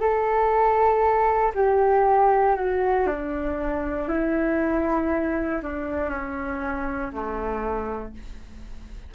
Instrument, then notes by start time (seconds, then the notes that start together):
flute
0.00 A4
1.54 G4
2.56 F#4
3.06 D4
4.08 E4
5.63 D4
6.09 C#4
7.12 A3